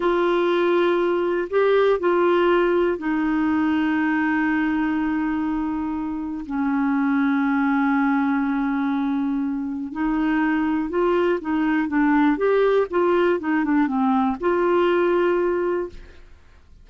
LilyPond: \new Staff \with { instrumentName = "clarinet" } { \time 4/4 \tempo 4 = 121 f'2. g'4 | f'2 dis'2~ | dis'1~ | dis'4 cis'2.~ |
cis'1 | dis'2 f'4 dis'4 | d'4 g'4 f'4 dis'8 d'8 | c'4 f'2. | }